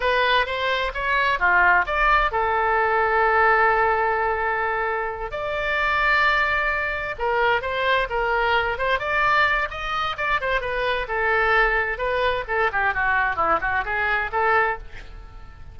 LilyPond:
\new Staff \with { instrumentName = "oboe" } { \time 4/4 \tempo 4 = 130 b'4 c''4 cis''4 f'4 | d''4 a'2.~ | a'2.~ a'8 d''8~ | d''2.~ d''8 ais'8~ |
ais'8 c''4 ais'4. c''8 d''8~ | d''4 dis''4 d''8 c''8 b'4 | a'2 b'4 a'8 g'8 | fis'4 e'8 fis'8 gis'4 a'4 | }